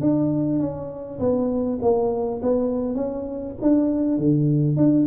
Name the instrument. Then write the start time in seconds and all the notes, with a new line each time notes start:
tuba
0.00 D4
0.59 C#4
1.19 B3
1.81 A#3
2.42 B3
2.95 C#4
3.62 D4
4.17 D3
4.76 D4